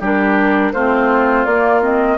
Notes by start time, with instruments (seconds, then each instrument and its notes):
0.00 bassoon G3, clarinet D4, oboe G4, flute A#4
0.73 bassoon A3, clarinet C4, oboe F4, flute C5
1.45 bassoon A#3, clarinet A#3, flute D5
1.82 clarinet C4, flute D#5